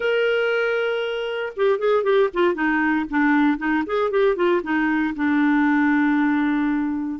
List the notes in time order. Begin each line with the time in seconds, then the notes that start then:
0.00 A#4
1.56 G4
1.78 G#4
2.03 G4
2.33 F4
2.54 D#4
3.10 D4
3.58 D#4
3.86 G#4
4.10 G4
4.36 F4
4.63 D#4
5.16 D4